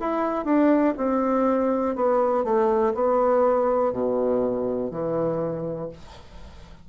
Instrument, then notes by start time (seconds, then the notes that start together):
bassoon
0.00 E4
0.45 D4
0.97 C4
1.95 B3
2.44 A3
2.94 B3
3.92 B2
4.91 E3